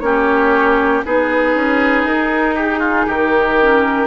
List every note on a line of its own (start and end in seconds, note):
0.00 1.03 A#3
0.00 1.04 C#4
0.00 1.05 G4
0.00 1.02 C#5
1.05 1.55 B3
1.05 3.60 D#4
1.05 2.55 G#4
1.05 2.07 B4
1.55 2.04 C#4
2.04 3.06 D#4
2.04 2.58 A#4
2.55 2.79 G4
2.55 3.09 G#4
2.79 3.05 F4
3.07 4.07 D#3
3.07 4.07 G4
3.07 4.07 A#4
3.61 4.07 C#4